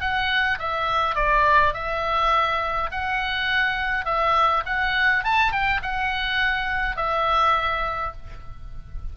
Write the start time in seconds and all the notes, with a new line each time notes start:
0.00 F#5
0.59 E5
1.15 D5
1.73 E5
2.91 F#5
4.05 E5
4.65 F#5
5.24 A5
5.52 G5
5.82 F#5
6.96 E5